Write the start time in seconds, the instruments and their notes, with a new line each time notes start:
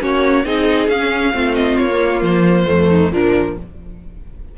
0.00 cello A#3, viola C#4, violin F#4 C#5
0.45 cello C4, viola D#4, violin G#4 D#5
0.88 cello C#4, viola C#4, violin F5
1.33 cello A3, viola C4, violin F4
1.54 violin D#5
1.76 cello A#3, violin C#5
1.91 viola A#3
2.21 cello F3, violin C5
2.67 cello F2, viola A3
2.89 violin D#4
3.12 cello A#2, viola F3, violin D4 A#4